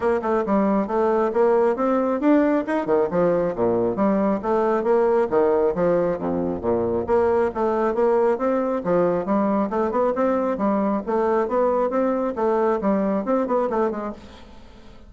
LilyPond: \new Staff \with { instrumentName = "bassoon" } { \time 4/4 \tempo 4 = 136 ais8 a8 g4 a4 ais4 | c'4 d'4 dis'8 dis8 f4 | ais,4 g4 a4 ais4 | dis4 f4 f,4 ais,4 |
ais4 a4 ais4 c'4 | f4 g4 a8 b8 c'4 | g4 a4 b4 c'4 | a4 g4 c'8 b8 a8 gis8 | }